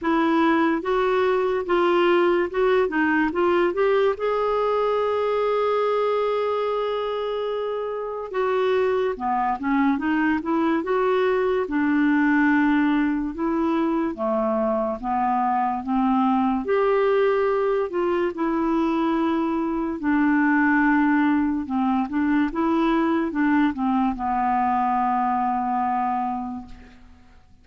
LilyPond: \new Staff \with { instrumentName = "clarinet" } { \time 4/4 \tempo 4 = 72 e'4 fis'4 f'4 fis'8 dis'8 | f'8 g'8 gis'2.~ | gis'2 fis'4 b8 cis'8 | dis'8 e'8 fis'4 d'2 |
e'4 a4 b4 c'4 | g'4. f'8 e'2 | d'2 c'8 d'8 e'4 | d'8 c'8 b2. | }